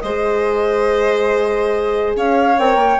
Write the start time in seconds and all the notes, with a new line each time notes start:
0.00 G#3 G#4 C5 D#5
2.15 C#4 C#5 F5
2.58 C4 A#4 G5
2.75 A#3